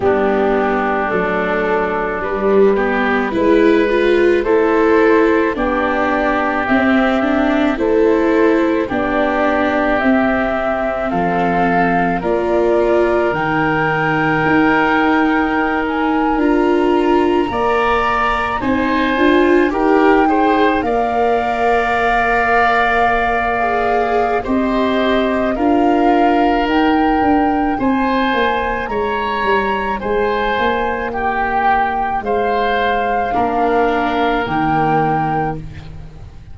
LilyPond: <<
  \new Staff \with { instrumentName = "flute" } { \time 4/4 \tempo 4 = 54 g'4 a'4 b'2 | c''4 d''4 e''4 c''4 | d''4 e''4 f''4 d''4 | g''2~ g''16 gis''8 ais''4~ ais''16~ |
ais''8. gis''4 g''4 f''4~ f''16~ | f''2 dis''4 f''4 | g''4 gis''4 ais''4 gis''4 | g''4 f''2 g''4 | }
  \new Staff \with { instrumentName = "oboe" } { \time 4/4 d'2~ d'8 g'8 b'4 | a'4 g'2 a'4 | g'2 a'4 ais'4~ | ais'2.~ ais'8. d''16~ |
d''8. c''4 ais'8 c''8 d''4~ d''16~ | d''2 c''4 ais'4~ | ais'4 c''4 cis''4 c''4 | g'4 c''4 ais'2 | }
  \new Staff \with { instrumentName = "viola" } { \time 4/4 b4 a4 g8 b8 e'8 f'8 | e'4 d'4 c'8 d'8 e'4 | d'4 c'2 f'4 | dis'2~ dis'8. f'4 ais'16~ |
ais'8. dis'8 f'8 g'8 gis'8 ais'4~ ais'16~ | ais'4~ ais'16 gis'8. g'4 f'4 | dis'1~ | dis'2 d'4 ais4 | }
  \new Staff \with { instrumentName = "tuba" } { \time 4/4 g4 fis4 g4 gis4 | a4 b4 c'4 a4 | b4 c'4 f4 ais4 | dis4 dis'4.~ dis'16 d'4 ais16~ |
ais8. c'8 d'8 dis'4 ais4~ ais16~ | ais2 c'4 d'4 | dis'8 d'8 c'8 ais8 gis8 g8 gis8 ais8~ | ais4 gis4 ais4 dis4 | }
>>